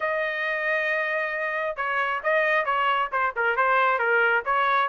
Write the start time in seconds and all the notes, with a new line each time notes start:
0.00 D#5
1.76 C#5
2.23 D#5
2.65 C#5
3.12 C5
3.36 A#4
3.56 C5
3.98 A#4
4.45 C#5